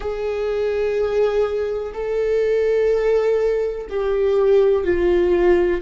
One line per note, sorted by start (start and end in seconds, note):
0.00 1.93 G#4
1.93 3.87 A4
3.89 4.84 G4
4.84 5.81 F4